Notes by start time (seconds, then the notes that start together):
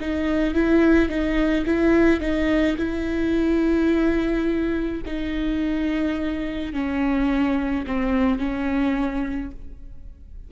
0.00 D#4
0.54 E4
1.09 D#4
1.66 E4
2.20 D#4
2.77 E4
5.06 D#4
6.73 C#4
7.86 C4
8.39 C#4